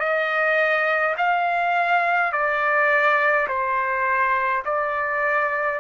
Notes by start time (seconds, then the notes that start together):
0.00 D#5
1.18 F5
2.32 D5
3.48 C5
4.65 D5